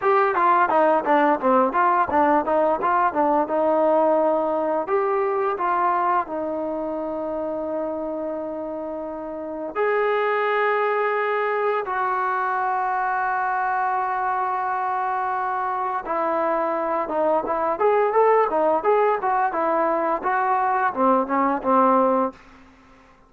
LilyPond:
\new Staff \with { instrumentName = "trombone" } { \time 4/4 \tempo 4 = 86 g'8 f'8 dis'8 d'8 c'8 f'8 d'8 dis'8 | f'8 d'8 dis'2 g'4 | f'4 dis'2.~ | dis'2 gis'2~ |
gis'4 fis'2.~ | fis'2. e'4~ | e'8 dis'8 e'8 gis'8 a'8 dis'8 gis'8 fis'8 | e'4 fis'4 c'8 cis'8 c'4 | }